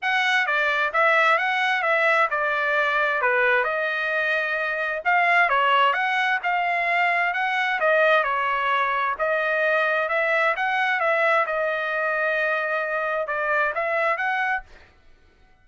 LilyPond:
\new Staff \with { instrumentName = "trumpet" } { \time 4/4 \tempo 4 = 131 fis''4 d''4 e''4 fis''4 | e''4 d''2 b'4 | dis''2. f''4 | cis''4 fis''4 f''2 |
fis''4 dis''4 cis''2 | dis''2 e''4 fis''4 | e''4 dis''2.~ | dis''4 d''4 e''4 fis''4 | }